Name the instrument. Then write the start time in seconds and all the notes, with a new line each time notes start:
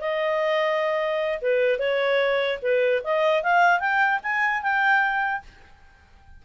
clarinet
0.00 D#5
1.41 B4
1.79 C#5
2.62 B4
3.04 D#5
3.43 F5
3.80 G5
4.23 G#5
4.62 G5